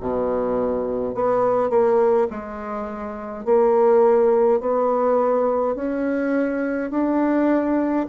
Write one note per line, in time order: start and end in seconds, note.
0.00 1.15 B2
1.15 1.70 B3
1.70 2.28 A#3
2.30 3.45 G#3
3.45 4.60 A#3
4.60 5.75 B3
5.75 6.91 C#4
6.91 8.06 D4